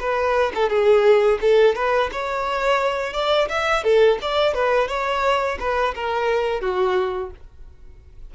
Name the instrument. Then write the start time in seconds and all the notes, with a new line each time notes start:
violin
0.00 B4
0.55 A4
0.69 G#4
1.41 A4
1.75 B4
2.12 C#5
3.13 D5
3.49 E5
3.83 A4
4.22 D5
4.54 B4
4.88 C#5
5.60 B4
5.95 A#4
6.61 F#4